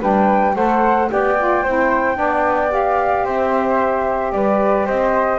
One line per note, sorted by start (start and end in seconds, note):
0.00 0.55 G3
0.00 0.54 D4
0.00 0.54 B4
0.00 0.55 G5
0.55 1.09 A3
0.55 1.08 A4
0.55 1.10 C5
0.55 1.09 F#5
1.08 1.65 B3
1.08 1.35 G4
1.08 1.63 D5
1.08 2.72 G5
1.37 1.64 F4
1.63 2.17 C4
1.63 2.14 E4
1.63 2.17 C5
2.14 3.24 B3
2.14 2.68 D4
2.14 3.24 D5
2.69 5.39 G4
2.69 3.26 F5
3.24 4.32 C4
3.24 4.32 C5
3.24 4.32 E5
4.32 4.86 G3
4.32 4.86 B4
4.32 4.86 D5
4.86 5.39 C4
4.86 5.39 C5
4.86 5.39 D#5